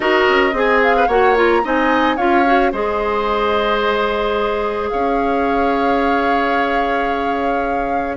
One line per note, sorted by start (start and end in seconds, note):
0.00 0.27 D#4
0.00 0.53 F#4
0.00 0.54 A#4
0.00 0.81 D#5
0.28 0.52 C#4
0.52 1.07 C4
0.52 1.08 G#4
0.52 0.96 G#4
0.82 1.08 F5
0.96 1.07 B4
1.07 1.62 A#3
1.07 1.35 F#4
1.07 1.61 C#5
1.07 1.36 F#5
1.35 1.62 F4
1.35 1.66 A#5
1.63 2.17 C4
1.63 2.17 D#4
1.63 2.16 D#5
1.63 2.16 G#5
2.16 2.72 C#4
2.16 2.45 F4
2.16 2.71 C#5
2.16 2.71 F5
2.45 2.72 F#4
2.72 4.91 G#3
2.72 8.17 G#4
2.72 4.90 C5
2.72 4.88 D#5
4.88 8.17 C#4
4.88 8.17 C#5
4.88 8.16 F5